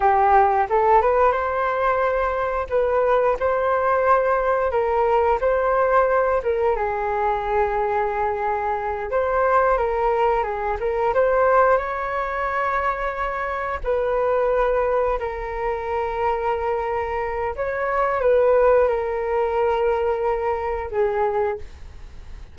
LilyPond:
\new Staff \with { instrumentName = "flute" } { \time 4/4 \tempo 4 = 89 g'4 a'8 b'8 c''2 | b'4 c''2 ais'4 | c''4. ais'8 gis'2~ | gis'4. c''4 ais'4 gis'8 |
ais'8 c''4 cis''2~ cis''8~ | cis''8 b'2 ais'4.~ | ais'2 cis''4 b'4 | ais'2. gis'4 | }